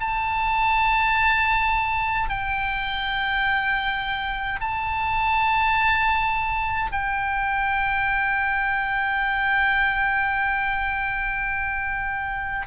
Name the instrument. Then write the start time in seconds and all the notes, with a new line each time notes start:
oboe
0.00 A5
2.30 G5
4.60 A5
6.91 G5